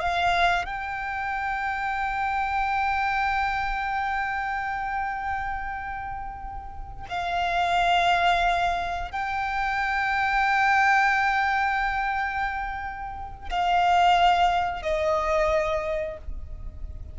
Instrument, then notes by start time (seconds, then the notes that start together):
violin
0.00 F5
0.65 G5
7.09 F5
9.11 G5
13.50 F5
14.83 D#5